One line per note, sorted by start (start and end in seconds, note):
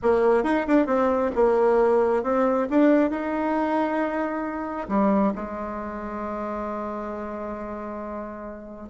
0.02 0.43 A#3
0.43 0.65 D#4
0.67 0.86 D4
0.86 1.31 C4
1.35 2.23 A#3
2.23 2.67 C4
2.70 3.10 D4
3.10 4.88 D#4
4.88 5.32 G3
5.35 8.89 G#3